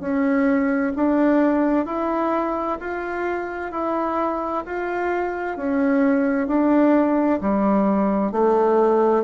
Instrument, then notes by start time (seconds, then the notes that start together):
bassoon
0.00 C#4
0.96 D4
1.86 E4
2.80 F4
3.71 E4
4.66 F4
5.57 C#4
6.47 D4
7.41 G3
8.32 A3